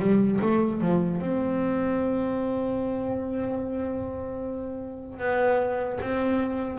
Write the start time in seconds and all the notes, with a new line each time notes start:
0.00 G3
0.42 A3
0.81 F3
1.21 C4
5.20 B3
6.01 C4